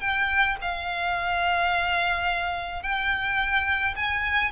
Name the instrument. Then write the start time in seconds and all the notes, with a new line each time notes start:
violin
0.00 G5
0.61 F5
2.82 G5
3.95 G#5